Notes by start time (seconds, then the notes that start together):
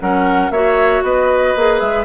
0.00 F#3 C#4 A#4 F#5
0.50 A#3 F#4 C#5 E5
1.02 B3 B4 D#5
1.55 A#3 G#4
1.80 G#3 E5